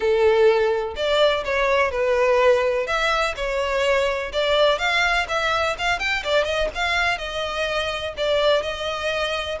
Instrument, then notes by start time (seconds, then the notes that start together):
violin
0.00 A4
0.96 D5
1.44 C#5
1.91 B4
2.86 E5
3.36 C#5
4.32 D5
4.78 F5
5.28 E5
5.78 F5
5.99 G5
6.23 D5
6.44 D#5
6.74 F5
7.18 D#5
8.17 D5
8.62 D#5